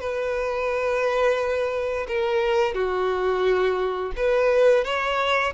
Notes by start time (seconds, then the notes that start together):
0.00 B4
2.07 A#4
2.74 F#4
4.16 B4
4.84 C#5